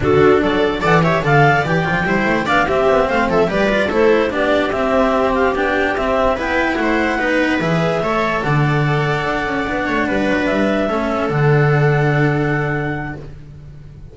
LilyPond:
<<
  \new Staff \with { instrumentName = "clarinet" } { \time 4/4 \tempo 4 = 146 a'4 d''4 fis''8 e''8 f''4 | g''2 f''8 e''4 f''8 | e''8 d''4 c''4 d''4 e''8~ | e''4 f''8 g''4 e''4 g''8~ |
g''8 fis''2 e''4.~ | e''8 fis''2.~ fis''8~ | fis''4. e''2 fis''8~ | fis''1 | }
  \new Staff \with { instrumentName = "viola" } { \time 4/4 fis'4 a'4 d''8 cis''8 d''4~ | d''4 c''4 d''8 g'4 c''8 | a'8 b'4 a'4 g'4.~ | g'2.~ g'8 b'8~ |
b'8 c''4 b'2 cis''8~ | cis''8 d''2.~ d''8 | cis''8 b'2 a'4.~ | a'1 | }
  \new Staff \with { instrumentName = "cello" } { \time 4/4 d'2 a'8 g'8 a'4 | g'8 f'8 e'4 d'8 c'4.~ | c'8 g'8 f'8 e'4 d'4 c'8~ | c'4. d'4 c'4 e'8~ |
e'4. dis'4 gis'4 a'8~ | a'2.~ a'8 d'8~ | d'2~ d'8 cis'4 d'8~ | d'1 | }
  \new Staff \with { instrumentName = "double bass" } { \time 4/4 d'16 d16 d'8 fis4 e4 d4 | e8 f8 g8 a8 b8 c'8 b8 a8 | f8 g4 a4 b4 c'8~ | c'4. b4 c'4 b8~ |
b8 a4 b4 e4 a8~ | a8 d2 d'8 cis'8 b8 | a8 g8 fis8 g4 a4 d8~ | d1 | }
>>